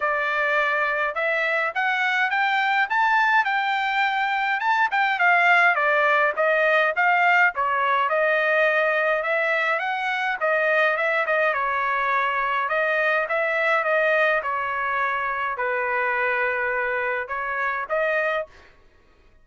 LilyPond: \new Staff \with { instrumentName = "trumpet" } { \time 4/4 \tempo 4 = 104 d''2 e''4 fis''4 | g''4 a''4 g''2 | a''8 g''8 f''4 d''4 dis''4 | f''4 cis''4 dis''2 |
e''4 fis''4 dis''4 e''8 dis''8 | cis''2 dis''4 e''4 | dis''4 cis''2 b'4~ | b'2 cis''4 dis''4 | }